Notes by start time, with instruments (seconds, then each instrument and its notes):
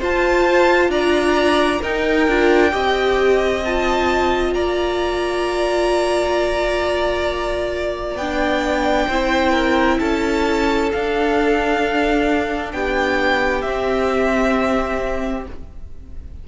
0.00 cello F4, viola F4, violin C5 A5
0.89 cello D4, violin D5 A#5
1.81 viola D#4, cello D#4, violin A#4 G5
2.28 cello D4, viola F4
2.72 cello C4, viola G4, violin D#5
3.65 viola F4, violin A5
4.54 cello A#3, violin D5 A#5
8.16 cello B3, viola D4, violin G5
9.07 cello C4, viola E4, violin C5
9.52 violin A#4
9.99 cello C#4, violin A4 A5
10.92 viola D4, cello D4, violin F5
12.72 cello B3, violin G4 G5
13.62 cello C4, viola C4, violin E5